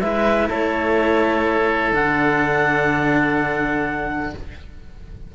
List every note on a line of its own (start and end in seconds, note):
0.00 0.49 G#3
0.00 1.93 E4
0.00 0.49 B4
0.00 0.48 E5
0.49 1.92 A3
0.49 4.33 A4
0.49 1.94 C#5
1.92 4.32 D3
1.92 4.33 D4
1.92 4.34 F#5